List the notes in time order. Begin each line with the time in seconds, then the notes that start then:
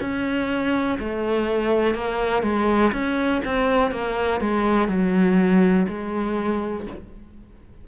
0.00 C#4
0.99 A3
1.94 A#3
2.42 G#3
2.92 C#4
3.45 C4
3.91 A#3
4.40 G#3
4.88 F#3
5.88 G#3